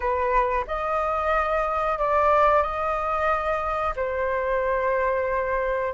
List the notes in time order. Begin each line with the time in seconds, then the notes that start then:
0.00 B4
0.67 D#5
1.98 D5
2.62 D#5
3.96 C5